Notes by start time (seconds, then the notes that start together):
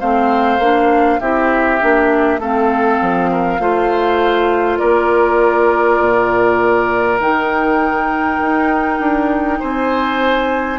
0.00 A3 C4 C5 F5
0.59 A#3 D4
1.20 C4 E4 G4 E5
1.79 A#3 D4
2.39 A3 C4 A4 F5
3.01 F3
3.31 A#4
3.59 A3 F4 C5
4.78 A#3 A#4 D5
6.01 A#2
7.20 D#3 D#4 G5
8.41 D#4
9.00 D4
9.60 C4 C5 G#5